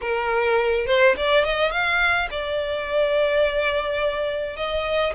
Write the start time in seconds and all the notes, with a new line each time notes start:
0.01 A#4
0.86 C5
1.16 D5
1.44 D#5
1.71 F5
2.30 D5
4.56 D#5